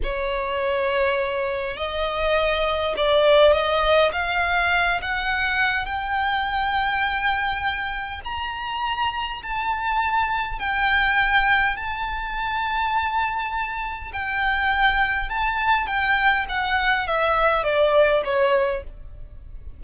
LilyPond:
\new Staff \with { instrumentName = "violin" } { \time 4/4 \tempo 4 = 102 cis''2. dis''4~ | dis''4 d''4 dis''4 f''4~ | f''8 fis''4. g''2~ | g''2 ais''2 |
a''2 g''2 | a''1 | g''2 a''4 g''4 | fis''4 e''4 d''4 cis''4 | }